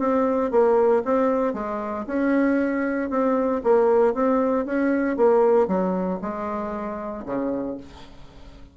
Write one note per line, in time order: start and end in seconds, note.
0.00 0.52 C4
0.52 1.03 A#3
1.05 1.54 C4
1.54 2.06 G#3
2.07 3.11 C#4
3.11 3.62 C4
3.64 4.14 A#3
4.14 4.66 C4
4.66 5.17 C#4
5.17 5.68 A#3
5.68 6.20 F#3
6.22 7.26 G#3
7.26 7.78 C#3